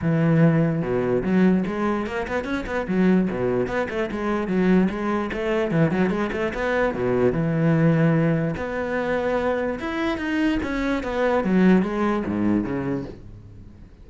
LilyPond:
\new Staff \with { instrumentName = "cello" } { \time 4/4 \tempo 4 = 147 e2 b,4 fis4 | gis4 ais8 b8 cis'8 b8 fis4 | b,4 b8 a8 gis4 fis4 | gis4 a4 e8 fis8 gis8 a8 |
b4 b,4 e2~ | e4 b2. | e'4 dis'4 cis'4 b4 | fis4 gis4 gis,4 cis4 | }